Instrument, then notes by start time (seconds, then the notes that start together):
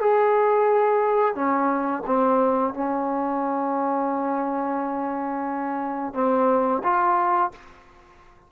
trombone
0.00 G#4
1.35 C#4
2.06 C4
2.74 C#4
6.14 C4
6.83 F4